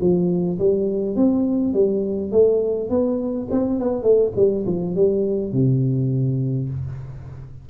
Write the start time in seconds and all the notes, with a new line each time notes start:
0.00 F3
0.59 G3
1.16 C4
1.73 G3
2.31 A3
2.90 B3
3.51 C4
3.79 B3
4.03 A3
4.36 G3
4.66 F3
4.95 G3
5.52 C3